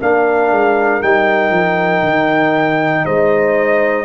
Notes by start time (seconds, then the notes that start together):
0.00 A#3 D4 A#4 F5
0.51 G#3
1.01 G3 D#4 G5
1.51 F3
2.03 D#3
3.05 G#3 C5 D#5